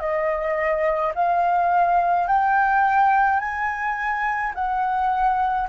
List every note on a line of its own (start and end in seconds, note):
0.00 1.13 D#5
1.15 2.28 F5
2.28 3.40 G5
3.40 4.53 G#5
4.55 5.69 F#5